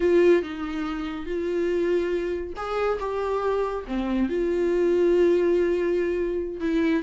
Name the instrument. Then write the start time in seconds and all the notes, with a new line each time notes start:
viola
0.00 F4
0.42 D#4
1.26 F4
2.56 G#4
2.99 G4
3.87 C4
4.29 F4
6.60 E4